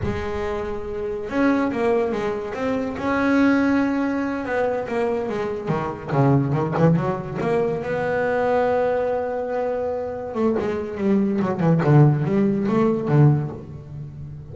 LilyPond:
\new Staff \with { instrumentName = "double bass" } { \time 4/4 \tempo 4 = 142 gis2. cis'4 | ais4 gis4 c'4 cis'4~ | cis'2~ cis'8 b4 ais8~ | ais8 gis4 dis4 cis4 dis8 |
e8 fis4 ais4 b4.~ | b1~ | b8 a8 gis4 g4 fis8 e8 | d4 g4 a4 d4 | }